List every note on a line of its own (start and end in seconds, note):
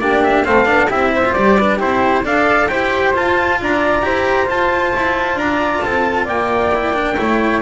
0.00 0.45 A#3
0.00 0.45 D4
0.00 0.46 G4
0.00 0.23 D5
0.23 0.45 E5
0.45 0.67 A3
0.45 0.66 C4
0.45 0.90 A4
0.45 0.90 F5
0.66 0.89 B3
0.66 0.88 D4
0.90 1.35 C4
0.90 1.24 E4
0.90 1.12 G4
0.90 1.33 E5
1.15 1.58 C5
1.25 1.36 F4
1.33 1.81 G3
1.33 1.58 G4
1.33 1.78 D5
1.58 1.79 D4
1.58 1.78 B4
1.78 2.25 C4
1.78 2.24 E4
1.78 2.22 G4
1.78 2.25 C5
2.24 2.70 D4
2.24 2.69 A4
2.24 2.69 D5
2.24 2.68 F5
2.68 3.15 E4
2.68 3.14 G4
2.68 3.59 C5
2.68 3.13 G5
3.14 4.02 F4
3.14 3.61 F4
3.14 3.61 A5
3.61 4.03 D4
3.61 4.06 D5
3.61 4.49 A#5
4.02 4.48 E4
4.02 4.46 G4
4.02 5.40 C5
4.46 6.70 F4
4.46 4.93 F4
4.46 5.39 A5
4.96 5.35 E4
5.35 5.80 D4
5.35 5.84 D5
5.35 5.81 A#5
5.81 6.28 C4
5.81 6.25 A4
5.81 6.26 A5
6.25 7.17 A#3
6.25 7.14 D5
6.25 7.62 G5
6.74 6.94 E4
6.94 7.16 D4
7.17 7.62 A3
7.17 7.62 E4
7.17 7.62 C#5